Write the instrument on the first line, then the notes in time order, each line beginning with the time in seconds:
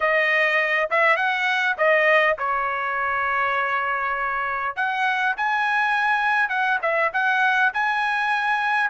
trumpet
0.00 D#5
0.90 E5
1.16 F#5
1.77 D#5
2.38 C#5
4.76 F#5
5.36 G#5
6.49 F#5
6.82 E5
7.13 F#5
7.73 G#5